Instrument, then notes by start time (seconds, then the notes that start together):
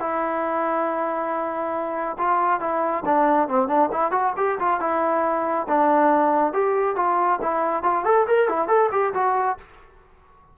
trombone
0.00 E4
2.18 F4
2.60 E4
3.06 D4
3.48 C4
3.68 D4
3.92 E4
4.12 F#4
4.37 G4
4.60 F4
4.80 E4
5.68 D4
6.53 G4
6.96 F4
7.42 E4
7.83 F4
8.05 A4
8.28 A#4
8.49 E4
8.68 A4
8.92 G4
9.14 F#4